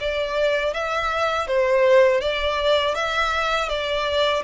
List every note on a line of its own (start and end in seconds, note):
0.00 0.73 D5
0.73 1.47 E5
1.47 2.21 C5
2.21 2.95 D5
2.95 3.69 E5
3.69 4.43 D5